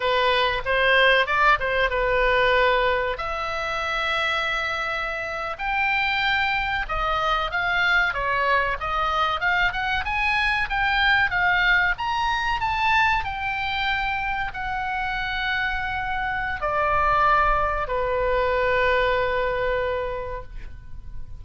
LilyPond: \new Staff \with { instrumentName = "oboe" } { \time 4/4 \tempo 4 = 94 b'4 c''4 d''8 c''8 b'4~ | b'4 e''2.~ | e''8. g''2 dis''4 f''16~ | f''8. cis''4 dis''4 f''8 fis''8 gis''16~ |
gis''8. g''4 f''4 ais''4 a''16~ | a''8. g''2 fis''4~ fis''16~ | fis''2 d''2 | b'1 | }